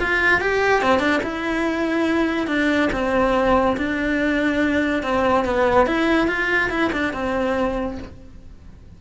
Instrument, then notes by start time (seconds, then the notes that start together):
cello
0.00 F4
0.40 G4
0.82 C4
0.99 D4
1.23 E4
2.47 D4
2.92 C4
3.77 D4
5.02 C4
5.44 B3
5.86 E4
6.27 F4
6.70 E4
6.92 D4
7.13 C4